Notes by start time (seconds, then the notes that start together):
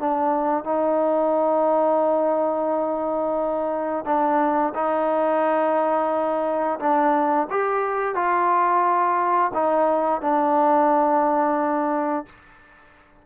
0.00 D4
0.65 D#4
4.06 D4
4.75 D#4
6.80 D4
7.51 G4
8.15 F4
9.54 D#4
10.22 D4